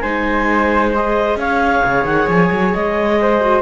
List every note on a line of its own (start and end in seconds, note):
0.00 1.36 G#3
0.00 0.94 D#4
0.00 1.38 C5
0.00 0.90 G#5
0.94 3.41 G#4
0.94 1.39 D#5
1.36 1.81 C#4
1.36 3.20 C#5
1.36 2.06 F5
1.84 2.05 C#3
2.05 2.27 D#3
2.05 2.28 F#5
2.28 2.50 F3
2.28 2.74 G#5
2.51 2.74 F#3
2.74 3.62 G#3
2.74 3.62 D#5
3.21 3.62 C5
3.41 3.62 F#4